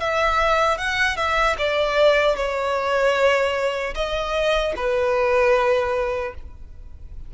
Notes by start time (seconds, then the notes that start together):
0.00 E5
0.78 F#5
1.17 E5
1.58 D5
2.36 C#5
3.94 D#5
4.76 B4